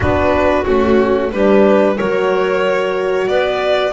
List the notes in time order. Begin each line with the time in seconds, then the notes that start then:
0.00 B3 D4 F#4 B4
0.64 A3 C#4 F#4
1.31 G3 D4 G4 B4
1.95 F#3 F#4 A#4 C#5
3.27 B3 B4 D5